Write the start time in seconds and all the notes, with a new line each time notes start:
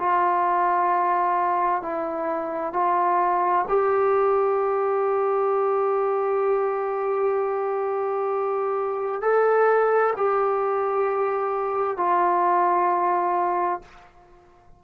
0.00 F4
1.83 E4
2.74 F4
3.69 G4
9.22 A4
10.17 G4
11.97 F4